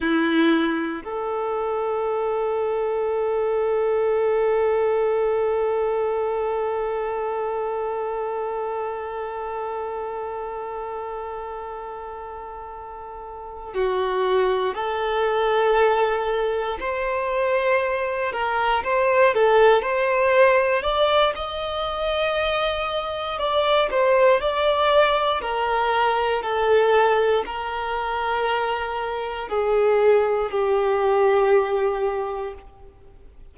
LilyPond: \new Staff \with { instrumentName = "violin" } { \time 4/4 \tempo 4 = 59 e'4 a'2.~ | a'1~ | a'1~ | a'4. fis'4 a'4.~ |
a'8 c''4. ais'8 c''8 a'8 c''8~ | c''8 d''8 dis''2 d''8 c''8 | d''4 ais'4 a'4 ais'4~ | ais'4 gis'4 g'2 | }